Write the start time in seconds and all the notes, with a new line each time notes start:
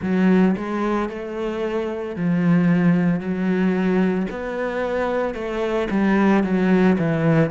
0.01 F#3
0.56 G#3
1.09 A3
2.16 F3
3.19 F#3
4.30 B3
5.34 A3
5.90 G3
6.43 F#3
6.98 E3